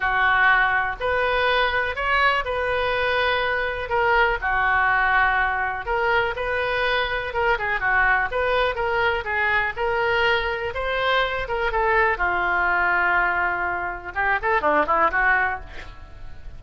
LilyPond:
\new Staff \with { instrumentName = "oboe" } { \time 4/4 \tempo 4 = 123 fis'2 b'2 | cis''4 b'2. | ais'4 fis'2. | ais'4 b'2 ais'8 gis'8 |
fis'4 b'4 ais'4 gis'4 | ais'2 c''4. ais'8 | a'4 f'2.~ | f'4 g'8 a'8 d'8 e'8 fis'4 | }